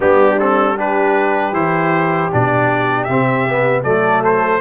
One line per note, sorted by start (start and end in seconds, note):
0.00 1.52 G3
0.00 0.36 B3
0.00 0.76 D4
0.00 0.39 G4
0.39 0.77 C4
0.39 0.77 A4
0.76 1.53 D4
0.76 3.83 G4
0.76 1.54 B4
1.52 2.29 E3
1.52 2.30 E4
1.52 2.30 C5
2.31 3.09 B2
2.31 3.08 D4
2.31 3.04 D5
3.04 3.84 C3
3.04 3.80 E5
3.10 3.48 C4
3.49 3.84 B3
3.83 4.61 F#3
3.83 4.61 A3
3.83 4.60 A4
3.83 4.22 D5
4.24 4.61 C5